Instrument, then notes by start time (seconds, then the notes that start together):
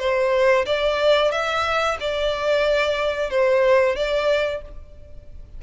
violin
0.00 C5
0.66 D5
1.32 E5
2.00 D5
3.31 C5
3.97 D5